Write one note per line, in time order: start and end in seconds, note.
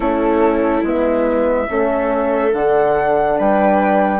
0.00 0.82 A3
0.00 0.83 C#4
0.00 1.68 E4
0.00 0.84 A4
0.82 1.67 G#3
0.82 1.67 B3
0.82 2.53 E5
1.67 2.52 A3
1.67 2.52 C#4
1.67 3.38 A4
2.52 3.37 D3
2.52 4.19 D4
2.52 3.38 F#5
3.38 4.19 G3
3.38 4.19 B4
3.38 4.19 G5